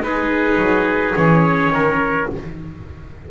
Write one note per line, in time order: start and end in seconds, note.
0.00 0.57 G#3
0.00 1.14 D#4
0.00 1.74 G#4
0.00 1.16 B4
0.57 1.14 F#3
1.14 1.70 E3
1.14 2.27 C#4
1.14 2.29 C#5
1.70 2.26 D#3
1.70 2.30 A#4